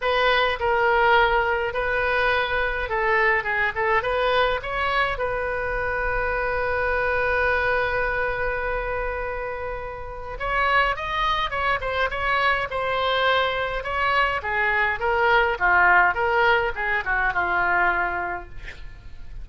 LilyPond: \new Staff \with { instrumentName = "oboe" } { \time 4/4 \tempo 4 = 104 b'4 ais'2 b'4~ | b'4 a'4 gis'8 a'8 b'4 | cis''4 b'2.~ | b'1~ |
b'2 cis''4 dis''4 | cis''8 c''8 cis''4 c''2 | cis''4 gis'4 ais'4 f'4 | ais'4 gis'8 fis'8 f'2 | }